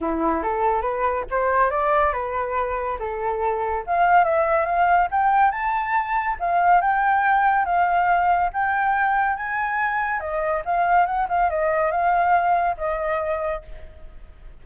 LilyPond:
\new Staff \with { instrumentName = "flute" } { \time 4/4 \tempo 4 = 141 e'4 a'4 b'4 c''4 | d''4 b'2 a'4~ | a'4 f''4 e''4 f''4 | g''4 a''2 f''4 |
g''2 f''2 | g''2 gis''2 | dis''4 f''4 fis''8 f''8 dis''4 | f''2 dis''2 | }